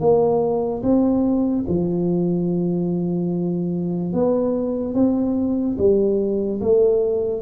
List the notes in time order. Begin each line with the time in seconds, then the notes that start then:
0.00 A#3
0.83 C4
1.68 F3
4.13 B3
4.94 C4
5.78 G3
6.61 A3